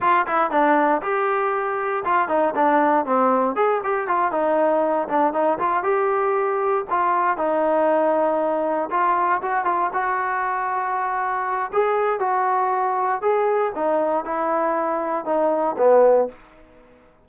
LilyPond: \new Staff \with { instrumentName = "trombone" } { \time 4/4 \tempo 4 = 118 f'8 e'8 d'4 g'2 | f'8 dis'8 d'4 c'4 gis'8 g'8 | f'8 dis'4. d'8 dis'8 f'8 g'8~ | g'4. f'4 dis'4.~ |
dis'4. f'4 fis'8 f'8 fis'8~ | fis'2. gis'4 | fis'2 gis'4 dis'4 | e'2 dis'4 b4 | }